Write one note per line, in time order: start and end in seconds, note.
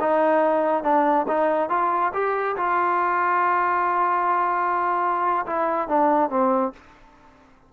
0.00 0.83 D#4
0.83 1.26 D4
1.28 1.69 D#4
1.69 2.12 F4
2.13 2.56 G4
2.57 5.46 F4
5.46 5.88 E4
5.88 6.30 D4
6.30 6.73 C4